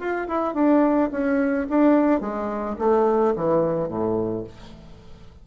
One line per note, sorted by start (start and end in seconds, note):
0.00 0.28 F4
0.28 0.55 E4
0.55 1.10 D4
1.12 1.67 C#4
1.70 2.21 D4
2.21 2.77 G#3
2.79 3.35 A3
3.36 3.89 E3
3.89 4.44 A2